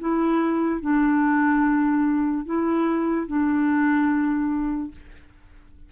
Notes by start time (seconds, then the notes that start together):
0.00 E4
0.81 D4
2.45 E4
3.27 D4